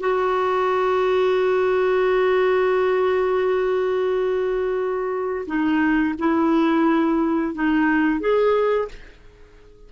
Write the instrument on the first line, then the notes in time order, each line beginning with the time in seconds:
clarinet
0.00 F#4
5.46 D#4
6.19 E4
7.55 D#4
8.20 G#4